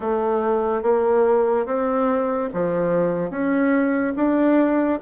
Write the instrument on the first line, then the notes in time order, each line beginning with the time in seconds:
bassoon
0.00 A3
0.82 A#3
1.66 C4
2.53 F3
3.30 C#4
4.16 D4